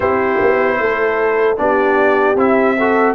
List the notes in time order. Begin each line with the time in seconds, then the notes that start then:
0.00 C4 E4 G4 C5
0.41 B3
0.79 A3 A4
1.57 B3 D4 G4 D5
2.35 C4 E4 E5
2.78 F#4 A4